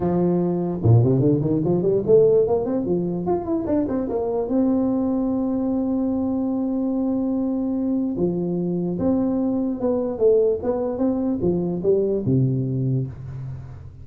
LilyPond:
\new Staff \with { instrumentName = "tuba" } { \time 4/4 \tempo 4 = 147 f2 ais,8 c8 d8 dis8 | f8 g8 a4 ais8 c'8 f4 | f'8 e'8 d'8 c'8 ais4 c'4~ | c'1~ |
c'1 | f2 c'2 | b4 a4 b4 c'4 | f4 g4 c2 | }